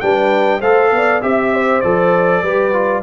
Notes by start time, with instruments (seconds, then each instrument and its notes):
0.00 tuba G3, trombone D4, horn B4, trumpet G5
0.60 tuba A3, trombone A4, horn C5, trumpet F5
0.91 tuba B3, horn D5
1.21 tuba C4, trombone G4, trumpet E5, horn E5
1.54 horn C5
1.81 tuba F3, trombone A4, trumpet D5
2.41 tuba G3, trombone G4, horn B4
2.73 trombone F4